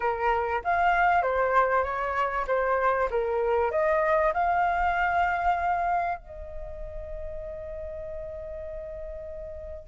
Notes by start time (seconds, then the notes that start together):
0.00 A#4
0.64 F5
1.22 C5
1.83 C#5
2.47 C5
3.10 A#4
3.71 D#5
4.33 F5
6.17 D#5